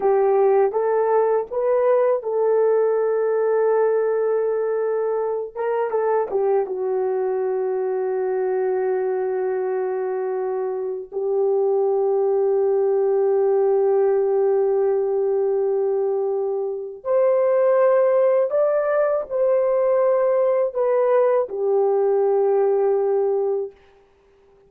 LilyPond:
\new Staff \with { instrumentName = "horn" } { \time 4/4 \tempo 4 = 81 g'4 a'4 b'4 a'4~ | a'2.~ a'8 ais'8 | a'8 g'8 fis'2.~ | fis'2. g'4~ |
g'1~ | g'2. c''4~ | c''4 d''4 c''2 | b'4 g'2. | }